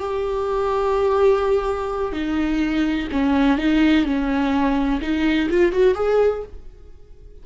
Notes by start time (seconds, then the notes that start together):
0.00 G4
2.13 D#4
3.12 C#4
3.58 D#4
4.05 C#4
5.02 D#4
5.50 F4
5.73 F#4
5.95 G#4